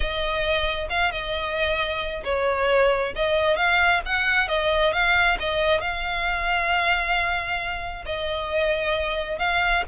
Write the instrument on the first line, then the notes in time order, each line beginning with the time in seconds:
violin
0.00 D#5
0.89 F5
1.11 D#5
2.24 C#5
3.15 D#5
3.56 F5
4.05 F#5
4.48 D#5
4.92 F5
5.39 D#5
5.80 F5
8.05 D#5
9.38 F5